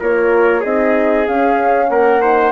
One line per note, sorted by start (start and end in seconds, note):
0.00 0.64 A#3
0.00 0.63 F4
0.00 0.60 A#4
0.00 0.63 C#5
0.60 1.27 C4
0.60 1.27 D#4
0.60 1.86 G#4
0.60 1.26 D#5
1.27 2.21 C#4
1.27 1.89 C#4
1.27 1.89 F5
1.89 2.52 A#3
1.89 2.21 A#4
1.89 2.52 F#5
2.21 2.52 D#4
2.21 2.52 C5